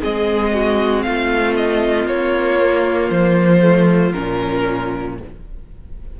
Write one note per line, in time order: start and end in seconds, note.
0.00 1.05 G#3
0.00 2.59 C4
0.00 0.52 G#4
0.00 1.02 D#5
0.53 1.05 F#4
1.02 2.05 A3
1.02 5.19 F4
1.02 1.53 F5
1.56 2.07 D#5
2.05 3.09 A#3
2.05 3.10 C#5
2.59 3.61 A#3
3.10 4.14 F3
3.10 4.12 C5
3.61 4.13 A3
4.12 5.20 A#2
4.12 5.18 C#4
4.12 5.15 A#4